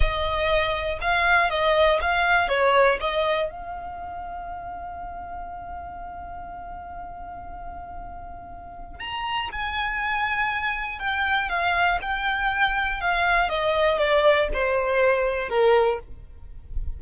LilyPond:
\new Staff \with { instrumentName = "violin" } { \time 4/4 \tempo 4 = 120 dis''2 f''4 dis''4 | f''4 cis''4 dis''4 f''4~ | f''1~ | f''1~ |
f''2 ais''4 gis''4~ | gis''2 g''4 f''4 | g''2 f''4 dis''4 | d''4 c''2 ais'4 | }